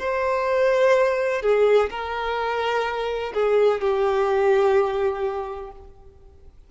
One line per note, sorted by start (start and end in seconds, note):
0.00 1.42 C5
1.42 1.90 G#4
1.90 3.33 A#4
3.35 3.81 G#4
3.81 5.72 G4